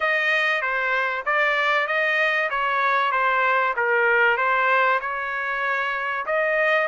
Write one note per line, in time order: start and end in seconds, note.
0.00 0.61 D#5
0.61 1.24 C5
1.25 1.87 D5
1.87 2.49 D#5
2.49 3.11 C#5
3.11 3.74 C5
3.76 4.37 A#4
4.37 4.99 C5
5.00 6.25 C#5
6.26 6.87 D#5